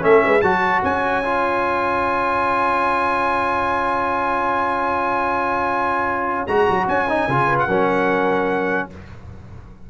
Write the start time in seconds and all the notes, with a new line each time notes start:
0.00 A3 C#4 A4 E5
0.24 G#3 B4
0.41 F#3 F#4 C#5 A5
0.83 C#4 G#5
1.24 F4
6.47 G#3 F#4 A#5
6.70 F#3
6.88 C#4 G#5
7.08 D#4
7.28 C#3 F4
7.46 B4
7.59 F#5
7.68 F#3 C#4 A#4